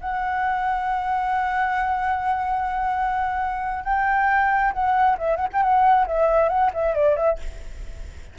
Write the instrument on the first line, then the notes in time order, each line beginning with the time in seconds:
flute
0.00 F#5
3.84 G5
4.72 F#5
5.18 E5
5.36 F#5
5.52 G5
5.62 F#5
6.07 E5
6.49 F#5
6.73 E5
6.94 D5
7.16 E5